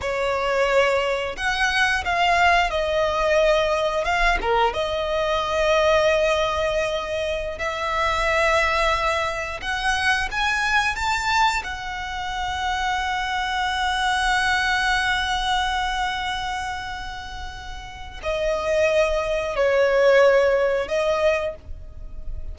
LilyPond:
\new Staff \with { instrumentName = "violin" } { \time 4/4 \tempo 4 = 89 cis''2 fis''4 f''4 | dis''2 f''8 ais'8 dis''4~ | dis''2.~ dis''16 e''8.~ | e''2~ e''16 fis''4 gis''8.~ |
gis''16 a''4 fis''2~ fis''8.~ | fis''1~ | fis''2. dis''4~ | dis''4 cis''2 dis''4 | }